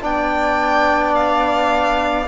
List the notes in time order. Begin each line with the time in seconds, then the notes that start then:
0.00 B3 D4 D5 G5
1.14 F5